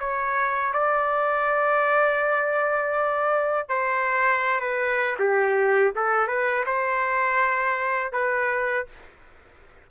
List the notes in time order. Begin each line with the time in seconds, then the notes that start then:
0.00 C#5
0.74 D5
3.69 C5
4.61 B4
5.20 G4
5.96 A4
6.28 B4
6.66 C5
8.13 B4